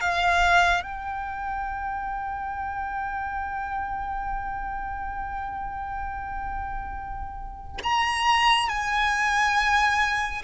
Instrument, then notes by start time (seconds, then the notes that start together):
violin
0.00 F5
0.83 G5
7.83 A#5
8.68 G#5